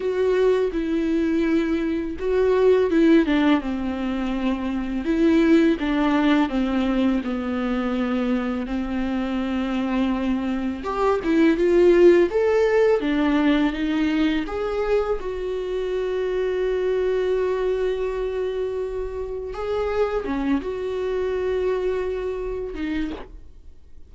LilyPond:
\new Staff \with { instrumentName = "viola" } { \time 4/4 \tempo 4 = 83 fis'4 e'2 fis'4 | e'8 d'8 c'2 e'4 | d'4 c'4 b2 | c'2. g'8 e'8 |
f'4 a'4 d'4 dis'4 | gis'4 fis'2.~ | fis'2. gis'4 | cis'8 fis'2. dis'8 | }